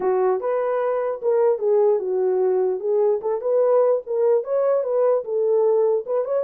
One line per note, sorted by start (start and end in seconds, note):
0.00 0.40 F#4
0.40 1.21 B4
1.22 1.59 A#4
1.59 1.99 G#4
1.99 2.79 F#4
2.80 3.20 G#4
3.21 3.41 A4
3.41 4.01 B4
4.06 4.44 A#4
4.44 4.83 C#5
4.83 5.23 B4
5.24 6.04 A4
6.06 6.24 B4
6.24 6.43 C#5